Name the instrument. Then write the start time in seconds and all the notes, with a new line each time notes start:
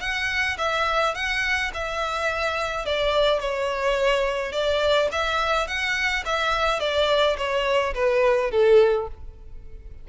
violin
0.00 F#5
0.58 E5
1.14 F#5
1.73 E5
2.85 D5
3.40 C#5
4.52 D5
5.11 E5
5.67 F#5
6.25 E5
6.80 D5
7.37 C#5
7.94 B4
8.51 A4